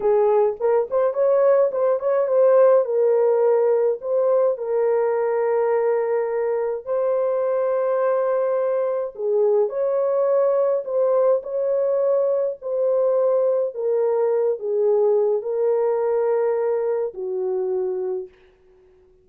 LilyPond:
\new Staff \with { instrumentName = "horn" } { \time 4/4 \tempo 4 = 105 gis'4 ais'8 c''8 cis''4 c''8 cis''8 | c''4 ais'2 c''4 | ais'1 | c''1 |
gis'4 cis''2 c''4 | cis''2 c''2 | ais'4. gis'4. ais'4~ | ais'2 fis'2 | }